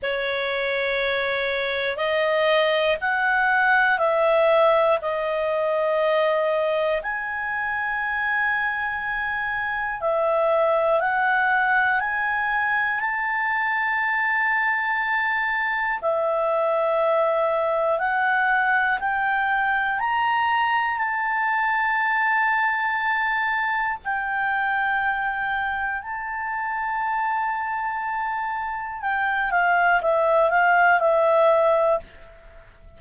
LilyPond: \new Staff \with { instrumentName = "clarinet" } { \time 4/4 \tempo 4 = 60 cis''2 dis''4 fis''4 | e''4 dis''2 gis''4~ | gis''2 e''4 fis''4 | gis''4 a''2. |
e''2 fis''4 g''4 | ais''4 a''2. | g''2 a''2~ | a''4 g''8 f''8 e''8 f''8 e''4 | }